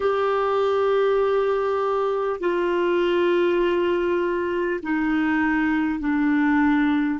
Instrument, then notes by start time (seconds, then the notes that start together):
clarinet
0.00 G4
2.40 F4
4.82 D#4
5.99 D4